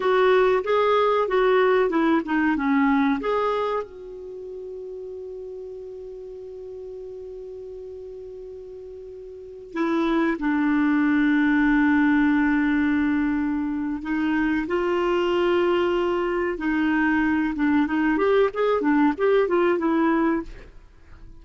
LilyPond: \new Staff \with { instrumentName = "clarinet" } { \time 4/4 \tempo 4 = 94 fis'4 gis'4 fis'4 e'8 dis'8 | cis'4 gis'4 fis'2~ | fis'1~ | fis'2.~ fis'16 e'8.~ |
e'16 d'2.~ d'8.~ | d'2 dis'4 f'4~ | f'2 dis'4. d'8 | dis'8 g'8 gis'8 d'8 g'8 f'8 e'4 | }